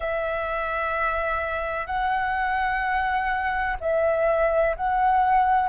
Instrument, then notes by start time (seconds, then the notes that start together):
flute
0.00 E5
1.86 F#5
3.80 E5
4.76 F#5